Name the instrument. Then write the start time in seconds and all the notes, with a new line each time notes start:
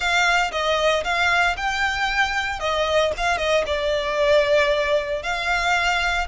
violin
0.00 F5
0.51 D#5
1.03 F5
1.57 G5
2.59 D#5
3.17 F5
3.37 D#5
3.66 D5
5.22 F5